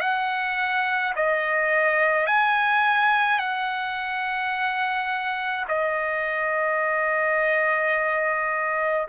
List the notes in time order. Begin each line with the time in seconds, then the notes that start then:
0.00 F#5
1.16 D#5
2.26 G#5
3.39 F#5
5.68 D#5